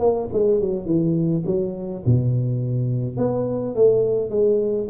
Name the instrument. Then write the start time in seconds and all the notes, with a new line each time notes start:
tuba
0.00 A#3
0.33 G#3
0.61 F#3
0.86 E3
1.46 F#3
2.06 B2
3.18 B3
3.76 A3
4.31 G#3